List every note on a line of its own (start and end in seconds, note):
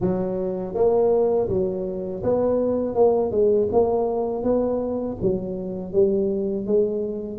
0.00 0.74 F#3
0.74 1.48 A#3
1.48 2.23 F#3
2.23 2.95 B3
2.95 3.31 A#3
3.31 3.68 G#3
3.72 4.43 A#3
4.43 5.17 B3
5.21 5.93 F#3
5.93 6.66 G3
6.66 7.38 G#3